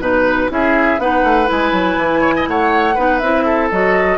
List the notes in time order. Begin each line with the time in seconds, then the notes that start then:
0.00 B2 D#4 B4
0.49 C#4 E4 G#4 E5
0.98 B3 D#4 B4 F#5
1.24 A3
1.46 G#3 E4 G#5
1.72 F#3
1.97 E3
2.21 C#5
2.36 D#5
2.48 A3 C#5 F#5
2.95 B3 D#4 B4
3.18 C4 E4 E5
3.45 A4
3.71 F#3 F#4 D#5